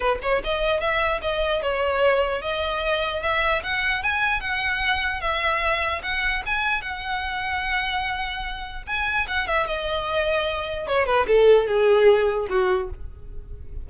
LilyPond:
\new Staff \with { instrumentName = "violin" } { \time 4/4 \tempo 4 = 149 b'8 cis''8 dis''4 e''4 dis''4 | cis''2 dis''2 | e''4 fis''4 gis''4 fis''4~ | fis''4 e''2 fis''4 |
gis''4 fis''2.~ | fis''2 gis''4 fis''8 e''8 | dis''2. cis''8 b'8 | a'4 gis'2 fis'4 | }